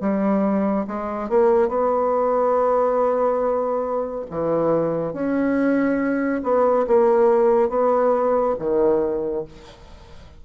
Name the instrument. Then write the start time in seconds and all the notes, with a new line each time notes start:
bassoon
0.00 G3
0.86 G#3
1.29 A#3
1.68 B3
4.30 E3
5.13 C#4
6.43 B3
6.87 A#3
7.69 B3
8.59 D#3